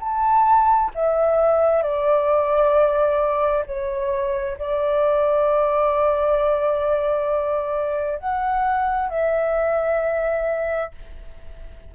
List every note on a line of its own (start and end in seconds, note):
0.00 0.91 A5
0.95 1.83 E5
1.83 3.64 D5
3.67 4.57 C#5
4.58 8.19 D5
8.19 9.10 F#5
9.10 10.91 E5